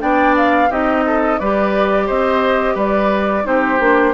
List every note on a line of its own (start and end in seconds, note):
0.00 0.70 B3
0.00 0.69 D4
0.00 0.70 D5
0.00 0.36 G5
0.37 0.72 F5
0.70 1.39 C4
0.70 1.40 D#4
0.70 1.04 G4
0.70 1.39 D#5
1.06 1.40 A4
1.39 2.09 G3
1.39 3.44 G4
1.39 2.07 B4
1.39 2.08 D5
2.07 2.76 C4
2.07 2.75 C5
2.07 2.77 D#5
2.75 3.45 G3
2.75 3.44 B4
2.75 3.46 D5
3.44 3.80 C4
3.44 3.79 D#4
3.44 4.15 G4
3.44 4.15 C5
3.80 4.15 A#3
3.80 4.15 D4